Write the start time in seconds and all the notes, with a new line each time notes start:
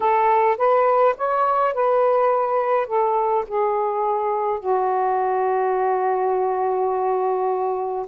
0.00 A4
0.57 B4
1.17 C#5
1.74 B4
2.86 A4
3.47 G#4
4.59 F#4